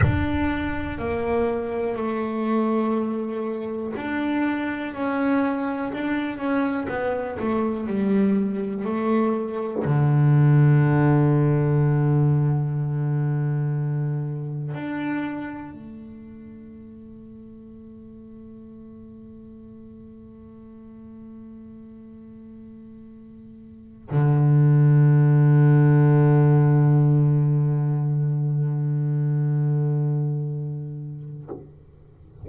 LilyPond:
\new Staff \with { instrumentName = "double bass" } { \time 4/4 \tempo 4 = 61 d'4 ais4 a2 | d'4 cis'4 d'8 cis'8 b8 a8 | g4 a4 d2~ | d2. d'4 |
a1~ | a1~ | a8 d2.~ d8~ | d1 | }